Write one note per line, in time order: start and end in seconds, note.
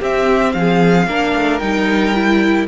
0.00 1.08 C4
0.00 0.55 C4
0.00 0.54 G4
0.00 0.53 E5
0.53 1.08 F3
0.53 1.08 G#4
0.53 1.60 F5
1.08 1.34 A#3
1.08 1.61 D4
1.08 2.68 A#4
1.36 1.61 A3
1.60 2.68 G3
1.60 2.15 D#4
1.60 2.67 G5
2.15 2.68 E4